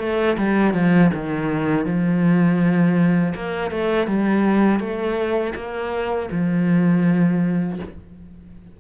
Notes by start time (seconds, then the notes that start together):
0.00 A3
0.38 G3
0.74 F3
1.14 D#3
1.86 F3
3.36 A#3
3.71 A3
4.07 G3
4.80 A3
5.56 A#3
6.31 F3